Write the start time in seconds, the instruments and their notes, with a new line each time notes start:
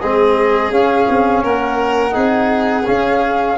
0.00 tuba G#3, trombone C4, violin G#4, flute D#5
0.71 tuba C#4, trombone C#4, flute F5
1.09 tuba C4
1.43 tuba A#3, violin A#4, flute F#5
2.11 tuba C4, trombone D#4, violin G#4
2.85 trombone C#4, tuba C#4, flute F5